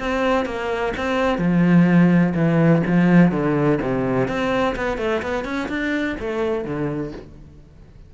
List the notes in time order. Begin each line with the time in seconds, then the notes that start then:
0.00 C4
0.46 A#3
0.97 C4
1.39 F3
2.35 E3
2.87 F3
3.32 D3
3.82 C3
4.28 C4
4.76 B3
4.98 A3
5.23 B3
5.45 C#4
5.69 D4
6.20 A3
6.65 D3